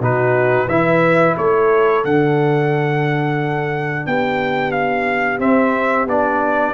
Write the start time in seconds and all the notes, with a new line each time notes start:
0.00 B2 D#4 F#4 B4
0.68 E3 E4 B4 E5
1.37 A3 A4 C#5
2.04 D3 D4 F#5
4.07 B3 G4 G5
4.71 F5
5.39 C4 E5
6.06 B3 D4 D5